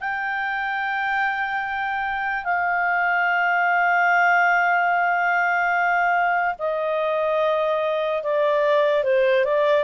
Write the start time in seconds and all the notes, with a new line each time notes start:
0.00 G5
2.44 F5
6.59 D#5
8.23 D5
9.04 C5
9.45 D5